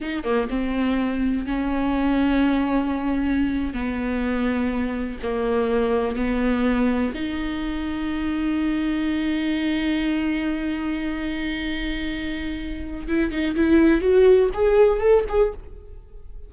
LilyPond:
\new Staff \with { instrumentName = "viola" } { \time 4/4 \tempo 4 = 124 dis'8 ais8 c'2 cis'4~ | cis'2.~ cis'8. b16~ | b2~ b8. ais4~ ais16~ | ais8. b2 dis'4~ dis'16~ |
dis'1~ | dis'1~ | dis'2. e'8 dis'8 | e'4 fis'4 gis'4 a'8 gis'8 | }